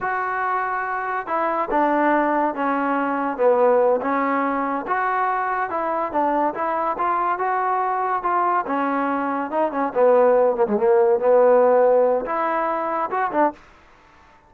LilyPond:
\new Staff \with { instrumentName = "trombone" } { \time 4/4 \tempo 4 = 142 fis'2. e'4 | d'2 cis'2 | b4. cis'2 fis'8~ | fis'4. e'4 d'4 e'8~ |
e'8 f'4 fis'2 f'8~ | f'8 cis'2 dis'8 cis'8 b8~ | b4 ais16 gis16 ais4 b4.~ | b4 e'2 fis'8 d'8 | }